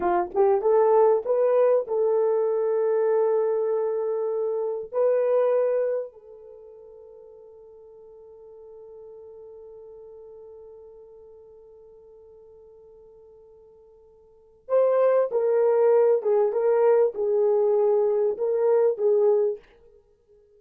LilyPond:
\new Staff \with { instrumentName = "horn" } { \time 4/4 \tempo 4 = 98 f'8 g'8 a'4 b'4 a'4~ | a'1 | b'2 a'2~ | a'1~ |
a'1~ | a'1 | c''4 ais'4. gis'8 ais'4 | gis'2 ais'4 gis'4 | }